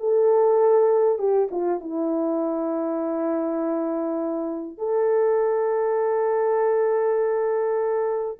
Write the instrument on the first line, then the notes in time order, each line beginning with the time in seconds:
horn
0.00 A4
1.19 G4
1.51 F4
1.81 E4
4.78 A4